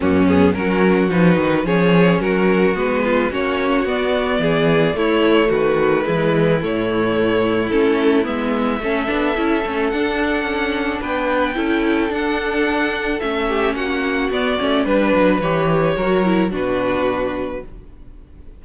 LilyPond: <<
  \new Staff \with { instrumentName = "violin" } { \time 4/4 \tempo 4 = 109 fis'8 gis'8 ais'4 b'4 cis''4 | ais'4 b'4 cis''4 d''4~ | d''4 cis''4 b'2 | cis''2 a'4 e''4~ |
e''2 fis''2 | g''2 fis''2 | e''4 fis''4 d''4 b'4 | cis''2 b'2 | }
  \new Staff \with { instrumentName = "violin" } { \time 4/4 cis'4 fis'2 gis'4 | fis'4. f'8 fis'2 | gis'4 e'4 fis'4 e'4~ | e'1 |
a'1 | b'4 a'2.~ | a'8 g'8 fis'2 b'4~ | b'4 ais'4 fis'2 | }
  \new Staff \with { instrumentName = "viola" } { \time 4/4 ais8 b8 cis'4 dis'4 cis'4~ | cis'4 b4 cis'4 b4~ | b4 a2 gis4 | a2 cis'4 b4 |
cis'8 d'8 e'8 cis'8 d'2~ | d'4 e'4 d'2 | cis'2 b8 cis'8 d'4 | g'4 fis'8 e'8 d'2 | }
  \new Staff \with { instrumentName = "cello" } { \time 4/4 fis,4 fis4 f8 dis8 f4 | fis4 gis4 ais4 b4 | e4 a4 dis4 e4 | a,2 a4 gis4 |
a8 b8 cis'8 a8 d'4 cis'4 | b4 cis'4 d'2 | a4 ais4 b8 a8 g8 fis8 | e4 fis4 b,2 | }
>>